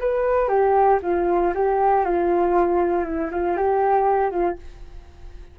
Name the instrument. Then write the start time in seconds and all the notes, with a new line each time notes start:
flute
0.00 B4
0.49 G4
1.02 F4
1.54 G4
2.05 F4
3.05 E4
3.31 F4
3.57 G4
4.31 F4